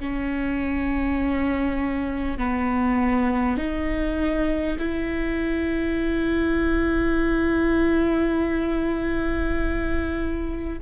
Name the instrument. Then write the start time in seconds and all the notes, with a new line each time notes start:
viola
0.00 C#4
2.38 B3
3.57 D#4
4.79 E4